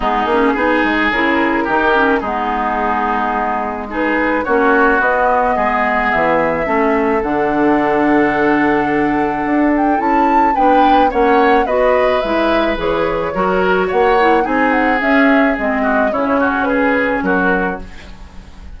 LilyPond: <<
  \new Staff \with { instrumentName = "flute" } { \time 4/4 \tempo 4 = 108 gis'2 ais'2 | gis'2. b'4 | cis''4 dis''2 e''4~ | e''4 fis''2.~ |
fis''4. g''8 a''4 g''4 | fis''4 dis''4 e''4 cis''4~ | cis''4 fis''4 gis''8 fis''8 e''4 | dis''4 cis''4 b'4 ais'4 | }
  \new Staff \with { instrumentName = "oboe" } { \time 4/4 dis'4 gis'2 g'4 | dis'2. gis'4 | fis'2 gis'2 | a'1~ |
a'2. b'4 | cis''4 b'2. | ais'4 cis''4 gis'2~ | gis'8 fis'8 e'8 fis'8 gis'4 fis'4 | }
  \new Staff \with { instrumentName = "clarinet" } { \time 4/4 b8 cis'8 dis'4 e'4 dis'8 cis'8 | b2. dis'4 | cis'4 b2. | cis'4 d'2.~ |
d'2 e'4 d'4 | cis'4 fis'4 e'4 gis'4 | fis'4. e'8 dis'4 cis'4 | c'4 cis'2. | }
  \new Staff \with { instrumentName = "bassoon" } { \time 4/4 gis8 ais8 b8 gis8 cis4 dis4 | gis1 | ais4 b4 gis4 e4 | a4 d2.~ |
d4 d'4 cis'4 b4 | ais4 b4 gis4 e4 | fis4 ais4 c'4 cis'4 | gis4 cis2 fis4 | }
>>